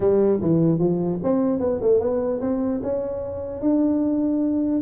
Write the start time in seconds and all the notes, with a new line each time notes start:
0.00 G3
0.41 E3
0.79 F3
1.23 C4
1.59 B3
1.81 A3
2.00 B3
2.41 C4
2.82 C#4
3.61 D4